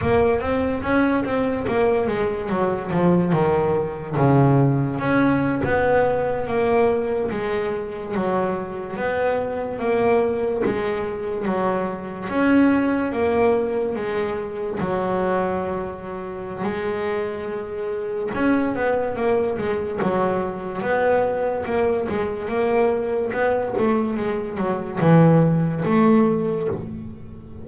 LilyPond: \new Staff \with { instrumentName = "double bass" } { \time 4/4 \tempo 4 = 72 ais8 c'8 cis'8 c'8 ais8 gis8 fis8 f8 | dis4 cis4 cis'8. b4 ais16~ | ais8. gis4 fis4 b4 ais16~ | ais8. gis4 fis4 cis'4 ais16~ |
ais8. gis4 fis2~ fis16 | gis2 cis'8 b8 ais8 gis8 | fis4 b4 ais8 gis8 ais4 | b8 a8 gis8 fis8 e4 a4 | }